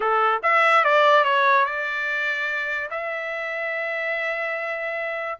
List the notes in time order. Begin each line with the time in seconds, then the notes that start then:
0.00 A4
0.43 E5
0.84 D5
1.24 C#5
1.65 D5
2.90 E5